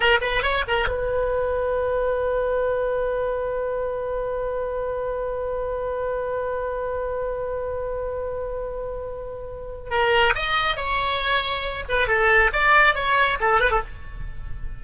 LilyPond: \new Staff \with { instrumentName = "oboe" } { \time 4/4 \tempo 4 = 139 ais'8 b'8 cis''8 ais'8 b'2~ | b'1~ | b'1~ | b'1~ |
b'1~ | b'2. ais'4 | dis''4 cis''2~ cis''8 b'8 | a'4 d''4 cis''4 a'8 b'16 a'16 | }